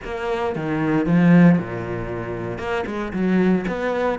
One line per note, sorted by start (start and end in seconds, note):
0.04 0.55 A#3
0.55 1.06 D#3
1.06 1.58 F3
1.58 2.58 A#2
2.58 2.84 A#3
2.86 3.12 G#3
3.13 3.65 F#3
3.67 4.19 B3